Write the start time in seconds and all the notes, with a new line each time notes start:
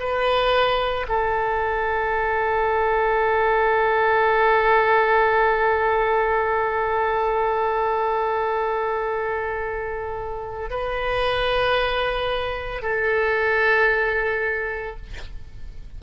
0.00 B4
1.09 A4
10.70 B4
12.82 A4